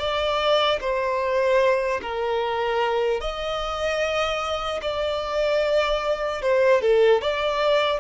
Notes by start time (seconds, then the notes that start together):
0.00 D5
0.81 C5
2.02 A#4
3.21 D#5
4.82 D5
6.42 C5
6.82 A4
7.22 D5